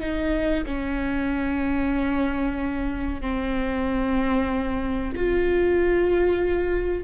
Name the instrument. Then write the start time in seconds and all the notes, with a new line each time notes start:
viola
0.00 D#4
0.66 C#4
3.21 C4
5.16 F4